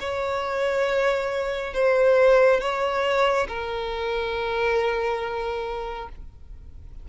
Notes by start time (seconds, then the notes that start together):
0.00 C#5
1.73 C5
2.60 C#5
3.48 A#4